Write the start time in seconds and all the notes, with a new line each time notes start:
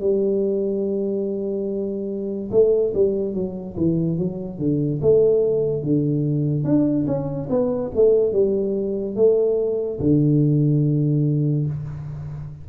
0.00 G3
2.51 A3
2.94 G3
3.34 F#3
3.77 E3
4.18 F#3
4.59 D3
5.02 A3
5.83 D3
6.64 D4
7.07 C#4
7.50 B3
7.95 A3
8.33 G3
9.16 A3
10.00 D3